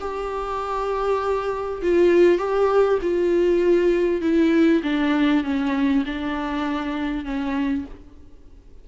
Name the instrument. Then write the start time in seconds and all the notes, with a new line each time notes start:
viola
0.00 G4
1.82 F4
2.38 G4
3.02 F4
4.21 E4
4.83 D4
5.44 C#4
6.05 D4
7.25 C#4